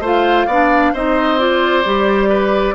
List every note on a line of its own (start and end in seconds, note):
0.00 0.45 A3
0.00 0.49 F4
0.00 0.47 C5
0.07 0.96 F5
0.47 0.93 B3
0.47 0.95 D4
0.47 0.93 D5
0.94 1.85 C4
0.94 1.39 D#4
0.94 2.29 C5
0.94 1.40 D#5
1.39 1.84 F4
1.39 2.75 D5
1.85 2.75 G3
1.85 2.75 G4
2.29 2.75 B4